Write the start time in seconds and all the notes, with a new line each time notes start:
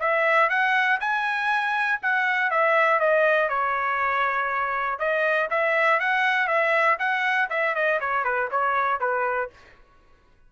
0.00 E5
0.50 F#5
1.01 G#5
2.02 F#5
2.51 E5
3.00 D#5
3.49 C#5
4.99 D#5
5.51 E5
6.00 F#5
6.47 E5
7.00 F#5
7.50 E5
7.75 D#5
8.01 C#5
8.25 B4
8.52 C#5
9.01 B4